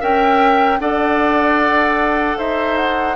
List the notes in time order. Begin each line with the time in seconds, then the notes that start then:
0.00 C#4 A#4 E5 G5
0.79 D4 A4 D5 F#5
2.38 D#4 C5 E5
2.77 F#5